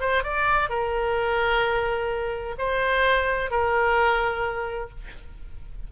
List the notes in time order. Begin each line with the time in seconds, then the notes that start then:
0.00 C5
0.23 D5
0.69 A#4
2.58 C5
3.50 A#4